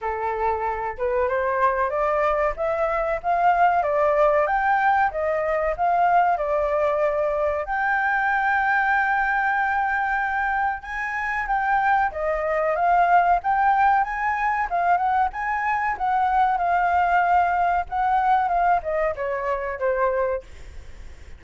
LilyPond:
\new Staff \with { instrumentName = "flute" } { \time 4/4 \tempo 4 = 94 a'4. b'8 c''4 d''4 | e''4 f''4 d''4 g''4 | dis''4 f''4 d''2 | g''1~ |
g''4 gis''4 g''4 dis''4 | f''4 g''4 gis''4 f''8 fis''8 | gis''4 fis''4 f''2 | fis''4 f''8 dis''8 cis''4 c''4 | }